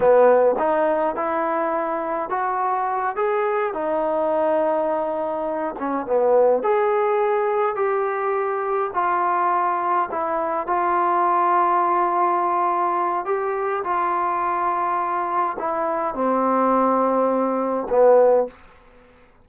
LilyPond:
\new Staff \with { instrumentName = "trombone" } { \time 4/4 \tempo 4 = 104 b4 dis'4 e'2 | fis'4. gis'4 dis'4.~ | dis'2 cis'8 b4 gis'8~ | gis'4. g'2 f'8~ |
f'4. e'4 f'4.~ | f'2. g'4 | f'2. e'4 | c'2. b4 | }